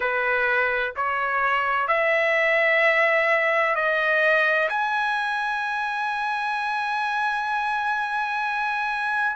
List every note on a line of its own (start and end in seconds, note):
0.00 0.93 B4
0.96 1.87 C#5
1.87 3.75 E5
3.75 4.68 D#5
4.69 9.36 G#5